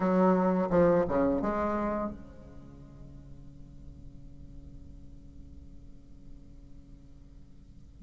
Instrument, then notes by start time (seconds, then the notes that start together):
bassoon
0.00 F#3
0.70 F3
1.08 C#3
1.41 G#3
2.11 C#3